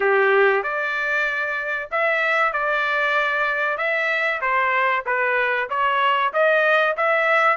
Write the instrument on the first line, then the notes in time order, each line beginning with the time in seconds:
trumpet
0.00 G4
0.63 D5
1.91 E5
2.52 D5
3.77 E5
4.41 C5
5.06 B4
5.69 C#5
6.33 D#5
6.96 E5